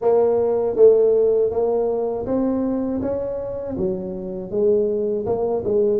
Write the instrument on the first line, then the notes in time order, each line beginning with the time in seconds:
tuba
0.01 A#3
0.76 A3
1.50 A#3
2.26 C4
3.01 C#4
3.77 F#3
4.50 G#3
5.25 A#3
5.64 G#3